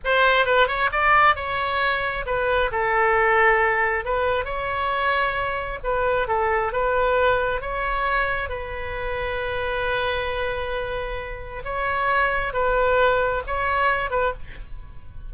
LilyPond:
\new Staff \with { instrumentName = "oboe" } { \time 4/4 \tempo 4 = 134 c''4 b'8 cis''8 d''4 cis''4~ | cis''4 b'4 a'2~ | a'4 b'4 cis''2~ | cis''4 b'4 a'4 b'4~ |
b'4 cis''2 b'4~ | b'1~ | b'2 cis''2 | b'2 cis''4. b'8 | }